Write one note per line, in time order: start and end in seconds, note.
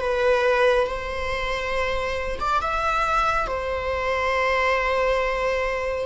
0.00 0.87 B4
0.87 2.39 C5
2.40 2.61 D5
2.61 3.47 E5
3.47 6.06 C5